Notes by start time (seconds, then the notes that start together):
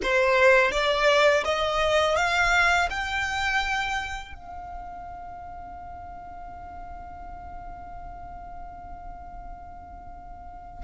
0.02 C5
0.71 D5
1.44 D#5
2.16 F5
2.90 G5
4.34 F5